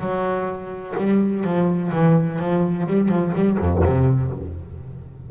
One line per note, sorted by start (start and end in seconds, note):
0.00 0.94 F#3
0.97 1.44 G3
1.44 1.91 F3
1.92 2.39 E3
2.39 2.86 F3
2.87 3.09 G3
3.09 3.32 F3
3.34 3.58 G3
3.59 3.82 F2
3.84 4.31 C3